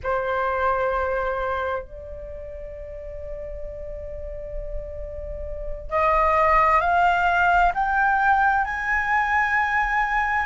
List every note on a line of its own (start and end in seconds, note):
0.03 1.82 C5
1.82 5.90 D5
5.90 6.81 D#5
6.81 7.71 F5
7.74 8.64 G5
8.64 10.45 G#5